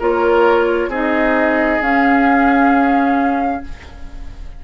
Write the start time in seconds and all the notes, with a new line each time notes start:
0.00 A#3 F4 A#4 C#5
0.88 C4 D#4 G#4 D#5
1.81 C#4 F5